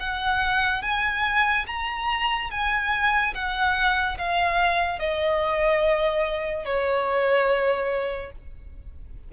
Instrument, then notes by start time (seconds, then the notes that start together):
violin
0.00 F#5
0.83 G#5
1.67 A#5
2.51 G#5
3.34 F#5
4.18 F5
4.99 D#5
6.65 C#5